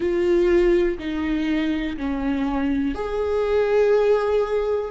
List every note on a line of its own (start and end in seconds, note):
0.00 0.98 F4
0.98 1.96 D#4
1.97 2.94 C#4
2.94 4.90 G#4